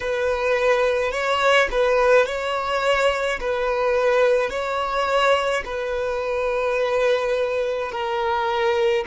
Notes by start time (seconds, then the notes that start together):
0.00 B4
1.11 C#5
1.71 B4
2.25 C#5
3.40 B4
4.50 C#5
5.65 B4
7.91 A#4